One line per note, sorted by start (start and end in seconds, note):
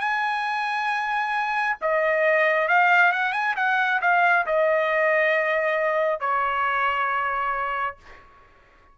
0.00 1.76 G#5
1.81 2.68 D#5
2.68 3.12 F5
3.12 3.32 F#5
3.32 3.55 G#5
3.56 4.00 F#5
4.01 4.46 F5
4.46 6.20 D#5
6.20 7.97 C#5